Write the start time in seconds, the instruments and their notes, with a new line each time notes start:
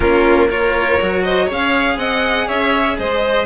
0.00 bassoon A#3, cello C#4, violin F4 A#4
0.48 cello F4, violin A#4 C#5
1.01 bassoon F#3, cello F#4
1.23 violin C5 D#5
1.45 bassoon C#4, cello G#4, violin C#5
1.52 violin F5
1.97 bassoon C4, violin D#5 F#5
2.46 bassoon C#4, violin C#5 E5
2.97 bassoon G#3, violin C5 D#5